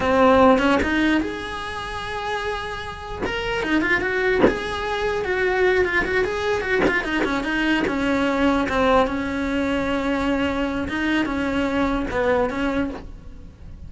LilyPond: \new Staff \with { instrumentName = "cello" } { \time 4/4 \tempo 4 = 149 c'4. cis'8 dis'4 gis'4~ | gis'1 | ais'4 dis'8 f'8 fis'4 gis'4~ | gis'4 fis'4. f'8 fis'8 gis'8~ |
gis'8 fis'8 f'8 dis'8 cis'8 dis'4 cis'8~ | cis'4. c'4 cis'4.~ | cis'2. dis'4 | cis'2 b4 cis'4 | }